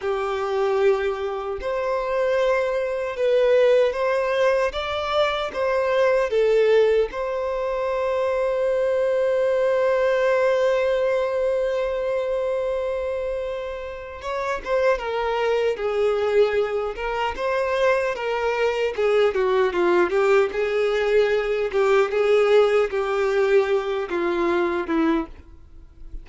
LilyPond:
\new Staff \with { instrumentName = "violin" } { \time 4/4 \tempo 4 = 76 g'2 c''2 | b'4 c''4 d''4 c''4 | a'4 c''2.~ | c''1~ |
c''2 cis''8 c''8 ais'4 | gis'4. ais'8 c''4 ais'4 | gis'8 fis'8 f'8 g'8 gis'4. g'8 | gis'4 g'4. f'4 e'8 | }